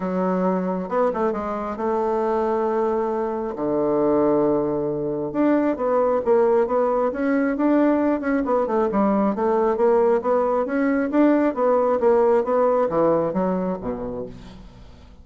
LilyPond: \new Staff \with { instrumentName = "bassoon" } { \time 4/4 \tempo 4 = 135 fis2 b8 a8 gis4 | a1 | d1 | d'4 b4 ais4 b4 |
cis'4 d'4. cis'8 b8 a8 | g4 a4 ais4 b4 | cis'4 d'4 b4 ais4 | b4 e4 fis4 b,4 | }